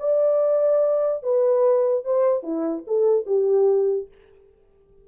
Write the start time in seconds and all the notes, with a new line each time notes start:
0.00 D5
1.23 B4
2.05 C5
2.43 E4
2.87 A4
3.27 G4